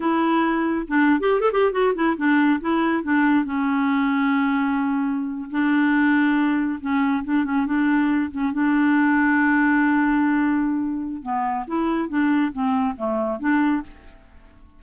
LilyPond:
\new Staff \with { instrumentName = "clarinet" } { \time 4/4 \tempo 4 = 139 e'2 d'8. g'8 a'16 g'8 | fis'8 e'8 d'4 e'4 d'4 | cis'1~ | cis'8. d'2. cis'16~ |
cis'8. d'8 cis'8 d'4. cis'8 d'16~ | d'1~ | d'2 b4 e'4 | d'4 c'4 a4 d'4 | }